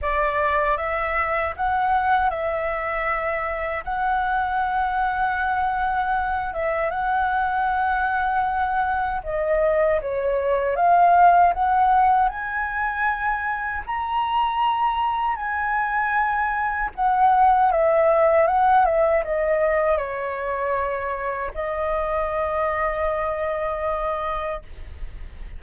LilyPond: \new Staff \with { instrumentName = "flute" } { \time 4/4 \tempo 4 = 78 d''4 e''4 fis''4 e''4~ | e''4 fis''2.~ | fis''8 e''8 fis''2. | dis''4 cis''4 f''4 fis''4 |
gis''2 ais''2 | gis''2 fis''4 e''4 | fis''8 e''8 dis''4 cis''2 | dis''1 | }